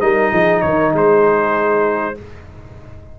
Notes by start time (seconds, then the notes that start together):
0.00 G3 D#4 A#4 D#5
0.31 F3 G#4
0.61 D#3 A#4 C#5
0.92 G#3 G#4 C5